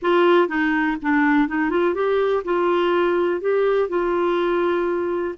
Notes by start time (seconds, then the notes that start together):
0.02 F4
0.48 D#4
1.01 D4
1.48 D#4
1.70 F4
1.94 G4
2.44 F4
3.40 G4
3.88 F4